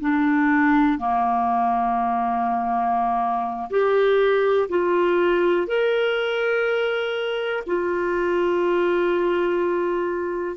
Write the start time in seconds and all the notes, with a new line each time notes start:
0.00 D4
0.98 A#3
3.70 G4
4.69 F4
5.66 A#4
7.66 F4